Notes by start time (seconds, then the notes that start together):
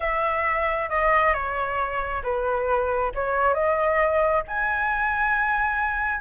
0.00 E5
0.89 D#5
1.33 C#5
2.23 B4
3.14 C#5
3.54 D#5
4.47 G#5